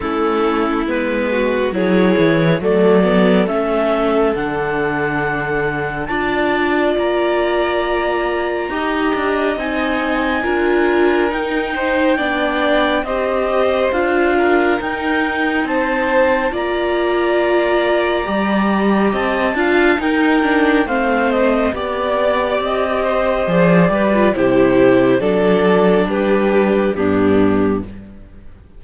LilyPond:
<<
  \new Staff \with { instrumentName = "clarinet" } { \time 4/4 \tempo 4 = 69 a'4 b'4 cis''4 d''4 | e''4 fis''2 a''4 | ais''2. gis''4~ | gis''4 g''2 dis''4 |
f''4 g''4 a''4 ais''4~ | ais''2 a''4 g''4 | f''8 dis''8 d''4 dis''4 d''4 | c''4 d''4 b'4 g'4 | }
  \new Staff \with { instrumentName = "violin" } { \time 4/4 e'4. fis'8 gis'4 a'4~ | a'2. d''4~ | d''2 dis''2 | ais'4. c''8 d''4 c''4~ |
c''8 ais'4. c''4 d''4~ | d''2 dis''8 f''8 ais'4 | c''4 d''4. c''4 b'8 | g'4 a'4 g'4 d'4 | }
  \new Staff \with { instrumentName = "viola" } { \time 4/4 cis'4 b4 e'4 a8 b8 | cis'4 d'2 f'4~ | f'2 g'4 dis'4 | f'4 dis'4 d'4 g'4 |
f'4 dis'2 f'4~ | f'4 g'4. f'8 dis'8 d'8 | c'4 g'2 gis'8 g'16 f'16 | e'4 d'2 b4 | }
  \new Staff \with { instrumentName = "cello" } { \time 4/4 a4 gis4 fis8 e8 fis4 | a4 d2 d'4 | ais2 dis'8 d'8 c'4 | d'4 dis'4 b4 c'4 |
d'4 dis'4 c'4 ais4~ | ais4 g4 c'8 d'8 dis'4 | a4 b4 c'4 f8 g8 | c4 fis4 g4 g,4 | }
>>